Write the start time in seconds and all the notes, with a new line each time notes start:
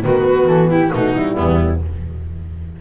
0.00 D#3 B3 F#4 B4
0.46 E3 A4
0.70 E4 G4
0.91 B2 A3 D#4 F#4
1.14 G3 E4
1.36 E2 B3